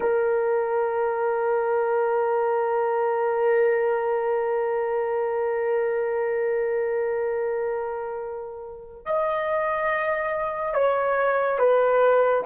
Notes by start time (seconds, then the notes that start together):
0.00 A#4
9.05 D#5
10.73 C#5
11.58 B4